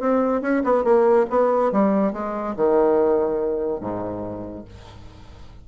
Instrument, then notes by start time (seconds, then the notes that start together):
bassoon
0.00 C4
0.42 C#4
0.64 B3
0.84 A#3
1.30 B3
1.72 G3
2.13 G#3
2.56 D#3
3.80 G#2